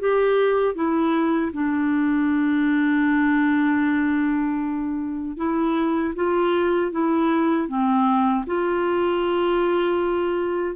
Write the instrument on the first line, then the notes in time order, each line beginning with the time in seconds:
clarinet
0.00 G4
0.75 E4
1.53 D4
5.37 E4
6.15 F4
6.92 E4
7.68 C4
8.47 F4